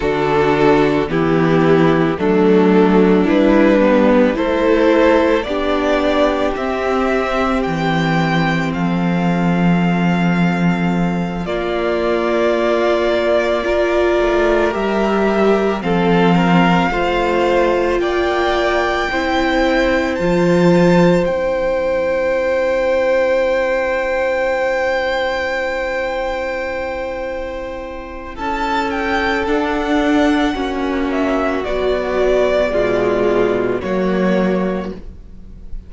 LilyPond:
<<
  \new Staff \with { instrumentName = "violin" } { \time 4/4 \tempo 4 = 55 a'4 g'4 a'4 b'4 | c''4 d''4 e''4 g''4 | f''2~ f''8 d''4.~ | d''4. e''4 f''4.~ |
f''8 g''2 a''4 g''8~ | g''1~ | g''2 a''8 g''8 fis''4~ | fis''8 e''8 d''2 cis''4 | }
  \new Staff \with { instrumentName = "violin" } { \time 4/4 fis'4 e'4 d'2 | a'4 g'2. | a'2~ a'8 f'4.~ | f'8 ais'2 a'8 ais'8 c''8~ |
c''8 d''4 c''2~ c''8~ | c''1~ | c''2 a'2 | fis'2 f'4 fis'4 | }
  \new Staff \with { instrumentName = "viola" } { \time 4/4 d'4 b4 a4 e'8 b8 | e'4 d'4 c'2~ | c'2~ c'8 ais4.~ | ais8 f'4 g'4 c'4 f'8~ |
f'4. e'4 f'4 e'8~ | e'1~ | e'2. d'4 | cis'4 fis4 gis4 ais4 | }
  \new Staff \with { instrumentName = "cello" } { \time 4/4 d4 e4 fis4 g4 | a4 b4 c'4 e4 | f2~ f8 ais4.~ | ais4 a8 g4 f4 a8~ |
a8 ais4 c'4 f4 c'8~ | c'1~ | c'2 cis'4 d'4 | ais4 b4 b,4 fis4 | }
>>